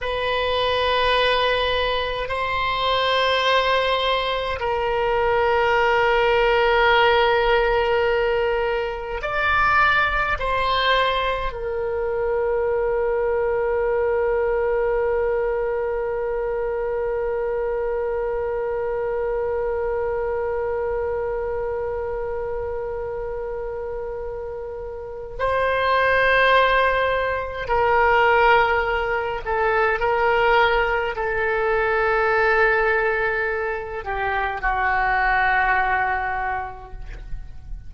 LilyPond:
\new Staff \with { instrumentName = "oboe" } { \time 4/4 \tempo 4 = 52 b'2 c''2 | ais'1 | d''4 c''4 ais'2~ | ais'1~ |
ais'1~ | ais'2 c''2 | ais'4. a'8 ais'4 a'4~ | a'4. g'8 fis'2 | }